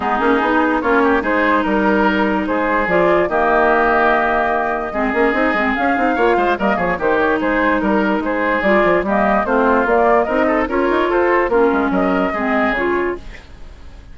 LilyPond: <<
  \new Staff \with { instrumentName = "flute" } { \time 4/4 \tempo 4 = 146 gis'2 cis''4 c''4 | ais'2 c''4 d''4 | dis''1~ | dis''2 f''2 |
dis''8 cis''8 c''8 cis''8 c''4 ais'4 | c''4 d''4 dis''4 c''4 | d''4 dis''4 cis''4 c''4 | ais'4 dis''2 cis''4 | }
  \new Staff \with { instrumentName = "oboe" } { \time 4/4 dis'2 f'8 g'8 gis'4 | ais'2 gis'2 | g'1 | gis'2. cis''8 c''8 |
ais'8 gis'8 g'4 gis'4 ais'4 | gis'2 g'4 f'4~ | f'4 ais'8 a'8 ais'4 a'4 | f'4 ais'4 gis'2 | }
  \new Staff \with { instrumentName = "clarinet" } { \time 4/4 b8 cis'8 dis'4 cis'4 dis'4~ | dis'2. f'4 | ais1 | c'8 cis'8 dis'8 c'8 cis'8 dis'8 f'4 |
ais4 dis'2.~ | dis'4 f'4 ais4 c'4 | ais4 dis'4 f'2 | cis'2 c'4 f'4 | }
  \new Staff \with { instrumentName = "bassoon" } { \time 4/4 gis8 ais8 b4 ais4 gis4 | g2 gis4 f4 | dis1 | gis8 ais8 c'8 gis8 cis'8 c'8 ais8 gis8 |
g8 f8 dis4 gis4 g4 | gis4 g8 f8 g4 a4 | ais4 c'4 cis'8 dis'8 f'4 | ais8 gis8 fis4 gis4 cis4 | }
>>